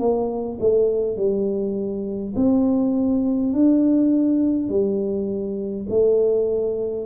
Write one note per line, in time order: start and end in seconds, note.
0.00 0.59 A#3
0.61 1.17 A3
1.17 2.35 G3
2.36 3.53 C4
3.53 4.70 D4
4.70 5.87 G3
5.90 7.06 A3